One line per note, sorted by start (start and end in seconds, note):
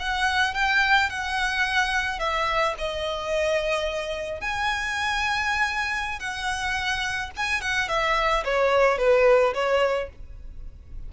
0.00 0.55 F#5
0.55 1.10 G5
1.10 2.19 F#5
2.19 2.75 E5
2.79 4.41 D#5
4.41 6.20 G#5
6.20 7.31 F#5
7.37 7.62 G#5
7.62 7.89 F#5
7.89 8.44 E5
8.45 8.99 C#5
8.99 9.54 B4
9.54 10.10 C#5